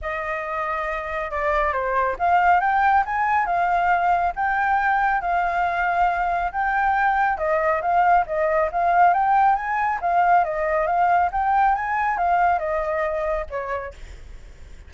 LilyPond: \new Staff \with { instrumentName = "flute" } { \time 4/4 \tempo 4 = 138 dis''2. d''4 | c''4 f''4 g''4 gis''4 | f''2 g''2 | f''2. g''4~ |
g''4 dis''4 f''4 dis''4 | f''4 g''4 gis''4 f''4 | dis''4 f''4 g''4 gis''4 | f''4 dis''2 cis''4 | }